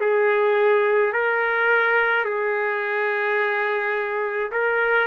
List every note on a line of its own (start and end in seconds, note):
0.00 1.12 G#4
1.12 2.24 A#4
2.24 4.51 G#4
4.51 5.07 A#4